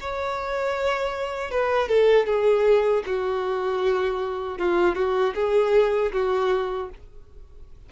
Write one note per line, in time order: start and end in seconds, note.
0.00 1.50 C#5
1.50 1.88 B4
1.88 2.26 A4
2.26 3.03 G#4
3.06 4.58 F#4
4.58 4.95 F4
4.95 5.34 F#4
5.35 6.12 G#4
6.12 6.89 F#4